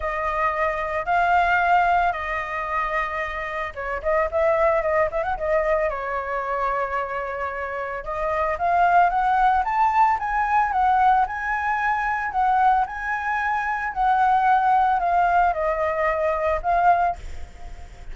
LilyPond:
\new Staff \with { instrumentName = "flute" } { \time 4/4 \tempo 4 = 112 dis''2 f''2 | dis''2. cis''8 dis''8 | e''4 dis''8 e''16 fis''16 dis''4 cis''4~ | cis''2. dis''4 |
f''4 fis''4 a''4 gis''4 | fis''4 gis''2 fis''4 | gis''2 fis''2 | f''4 dis''2 f''4 | }